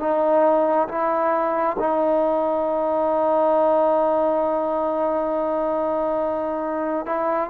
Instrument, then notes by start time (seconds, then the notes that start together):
trombone
0.00 D#4
0.89 E4
1.79 D#4
7.06 E4